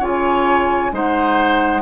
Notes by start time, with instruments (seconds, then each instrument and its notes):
0.00 bassoon C#3, clarinet F4, oboe C#5, flute G#5
0.92 bassoon G#3, clarinet D#4, oboe C5, flute F#5